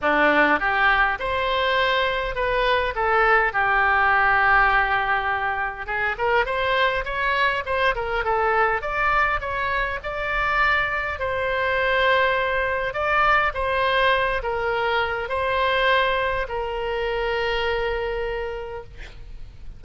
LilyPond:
\new Staff \with { instrumentName = "oboe" } { \time 4/4 \tempo 4 = 102 d'4 g'4 c''2 | b'4 a'4 g'2~ | g'2 gis'8 ais'8 c''4 | cis''4 c''8 ais'8 a'4 d''4 |
cis''4 d''2 c''4~ | c''2 d''4 c''4~ | c''8 ais'4. c''2 | ais'1 | }